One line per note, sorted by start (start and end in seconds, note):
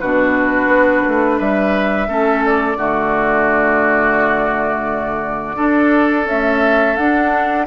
0.00 0.67 B2
0.00 2.08 D4
0.00 1.38 F#4
0.00 1.40 B4
0.67 1.02 B3
1.08 1.40 A3
1.38 2.08 G3
1.38 2.07 B4
1.38 2.44 E5
2.08 2.76 A3
2.08 2.77 C#4
2.08 2.78 A4
2.45 6.28 D5
2.76 5.55 D3
2.76 5.56 A3
2.76 5.56 F#4
5.56 6.25 D4
5.56 7.66 A4
6.25 6.99 A3
6.25 6.95 C#4
6.25 6.96 E5
6.96 7.67 D4
6.96 7.66 F#5